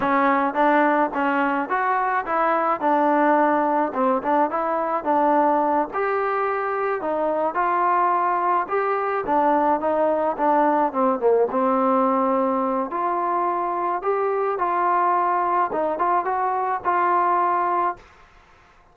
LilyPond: \new Staff \with { instrumentName = "trombone" } { \time 4/4 \tempo 4 = 107 cis'4 d'4 cis'4 fis'4 | e'4 d'2 c'8 d'8 | e'4 d'4. g'4.~ | g'8 dis'4 f'2 g'8~ |
g'8 d'4 dis'4 d'4 c'8 | ais8 c'2~ c'8 f'4~ | f'4 g'4 f'2 | dis'8 f'8 fis'4 f'2 | }